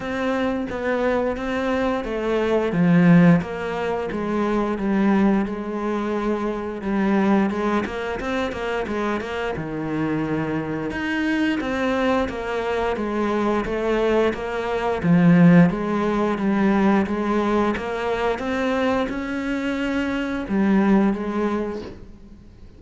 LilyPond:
\new Staff \with { instrumentName = "cello" } { \time 4/4 \tempo 4 = 88 c'4 b4 c'4 a4 | f4 ais4 gis4 g4 | gis2 g4 gis8 ais8 | c'8 ais8 gis8 ais8 dis2 |
dis'4 c'4 ais4 gis4 | a4 ais4 f4 gis4 | g4 gis4 ais4 c'4 | cis'2 g4 gis4 | }